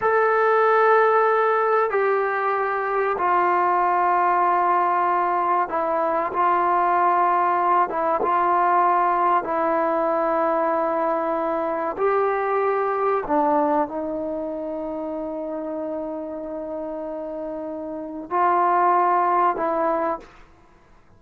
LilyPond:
\new Staff \with { instrumentName = "trombone" } { \time 4/4 \tempo 4 = 95 a'2. g'4~ | g'4 f'2.~ | f'4 e'4 f'2~ | f'8 e'8 f'2 e'4~ |
e'2. g'4~ | g'4 d'4 dis'2~ | dis'1~ | dis'4 f'2 e'4 | }